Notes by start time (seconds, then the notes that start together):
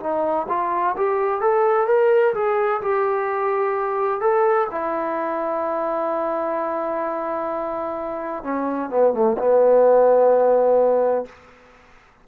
0.00 D#4
0.49 F4
0.97 G4
1.41 A4
1.87 A#4
2.35 G#4
2.82 G4
4.21 A4
4.71 E4
8.44 C#4
8.90 B3
9.14 A3
9.38 B3